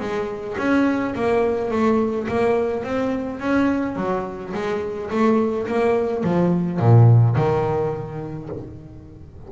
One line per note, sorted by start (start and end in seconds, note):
0.00 0.57 G#3
0.58 1.14 C#4
1.15 1.71 A#3
1.71 2.27 A3
2.28 2.84 A#3
2.84 3.40 C4
3.40 3.96 C#4
3.96 4.53 F#3
4.54 5.10 G#3
5.10 5.67 A3
5.67 6.23 A#3
6.23 6.80 F3
6.80 7.36 A#2
7.36 8.49 D#3